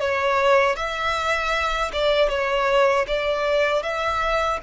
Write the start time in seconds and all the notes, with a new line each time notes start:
0.00 C#5
0.76 E5
1.93 D5
2.29 C#5
3.07 D5
3.83 E5